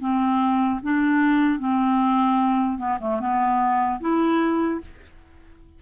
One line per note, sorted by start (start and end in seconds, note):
0.00 0.80 C4
0.83 1.59 D4
1.59 2.78 C4
2.78 2.98 B3
3.00 3.20 A3
3.20 4.00 B3
4.00 4.80 E4